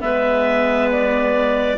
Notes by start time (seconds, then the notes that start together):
0.00 G#3 B3 B4 E5
0.92 D5